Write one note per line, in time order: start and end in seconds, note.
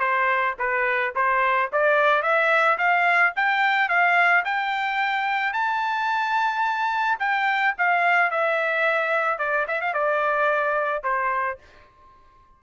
0.00 0.55 C5
0.59 1.14 B4
1.16 1.71 C5
1.72 2.23 D5
2.23 2.78 E5
2.78 3.33 F5
3.36 3.89 G5
3.89 4.44 F5
4.45 5.53 G5
5.53 7.19 A5
7.20 7.75 G5
7.78 8.31 F5
8.31 9.38 E5
9.38 9.66 D5
9.68 9.81 E5
9.81 9.94 F5
9.94 11.03 D5
11.03 11.58 C5